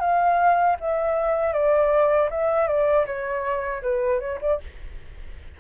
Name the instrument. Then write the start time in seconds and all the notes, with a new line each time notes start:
flute
0.00 F5
0.80 E5
1.53 D5
2.30 E5
2.68 D5
3.06 C#5
3.82 B4
4.20 C#5
4.41 D5